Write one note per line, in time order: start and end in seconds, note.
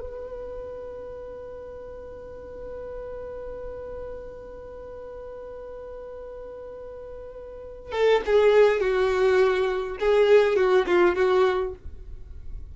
0.00 7.92 B4
7.92 8.21 A4
8.26 8.80 G#4
8.80 9.98 F#4
9.99 10.56 G#4
10.56 10.86 F#4
10.87 11.15 F4
11.15 11.74 F#4